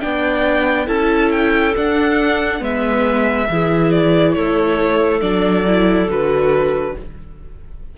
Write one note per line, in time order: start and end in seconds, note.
0.00 0.87 B3
0.00 0.86 D4
0.00 0.86 D5
0.00 0.87 G5
0.86 1.74 C#4
0.86 1.73 E4
0.86 2.60 A4
0.86 1.31 A5
1.31 1.74 G5
1.75 2.60 D4
1.75 2.61 D4
1.75 2.63 F#5
2.60 3.48 G#3
2.60 3.47 B3
2.60 3.47 B4
2.60 3.91 E5
3.49 4.36 E3
3.49 5.21 E4
3.49 4.36 G#4
3.91 4.33 D5
4.33 5.21 A3
4.33 6.96 A4
4.33 5.20 C#5
5.21 6.08 F#3
5.21 5.65 D4
5.21 6.08 D5
5.67 6.09 E4
6.08 6.95 D3
6.08 6.96 F#4
6.08 6.98 B4